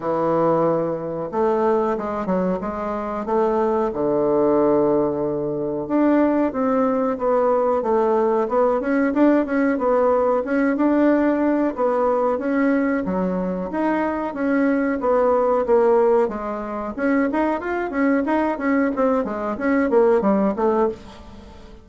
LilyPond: \new Staff \with { instrumentName = "bassoon" } { \time 4/4 \tempo 4 = 92 e2 a4 gis8 fis8 | gis4 a4 d2~ | d4 d'4 c'4 b4 | a4 b8 cis'8 d'8 cis'8 b4 |
cis'8 d'4. b4 cis'4 | fis4 dis'4 cis'4 b4 | ais4 gis4 cis'8 dis'8 f'8 cis'8 | dis'8 cis'8 c'8 gis8 cis'8 ais8 g8 a8 | }